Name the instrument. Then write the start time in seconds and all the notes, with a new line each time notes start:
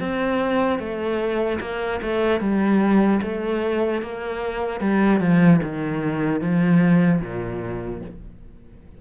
cello
0.00 C4
0.79 A3
1.60 A#3
2.02 A3
2.40 G3
3.22 A3
4.02 A#3
4.80 G3
5.20 F3
5.63 D#3
6.41 F3
7.21 A#2